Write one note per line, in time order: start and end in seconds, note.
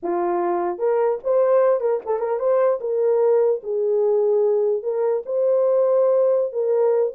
0.03 0.78 F4
0.78 1.18 A#4
1.23 1.80 C5
1.80 2.00 A#4
2.05 2.19 A4
2.19 2.39 A#4
2.39 2.79 C5
2.80 3.61 A#4
3.63 4.82 G#4
4.82 5.23 A#4
5.25 6.52 C5
6.52 7.12 A#4